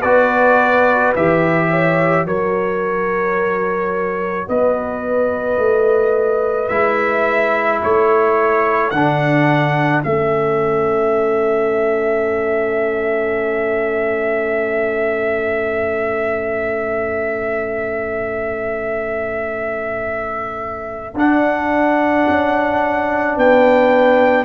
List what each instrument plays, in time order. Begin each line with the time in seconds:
0.00 tuba B3, trombone F#4, horn B4, trumpet D5
1.16 tuba E3, trombone G4, trumpet E5
1.70 horn C#5
2.25 tuba F#3, trombone F#4, horn A#4, trumpet C#5
4.48 tuba B3, horn B4, trumpet D#5
5.57 tuba A3
6.68 tuba G#3, trombone E4, trumpet E5
7.80 tuba A3, horn A4, trumpet C#5
8.90 tuba D3, trombone D4, trumpet F#5
10.03 tuba A3, trombone C#4, trumpet E5
21.14 tuba D4, trombone D4, trumpet F#5
22.28 tuba C#4
23.37 tuba B3, horn B4, trumpet G5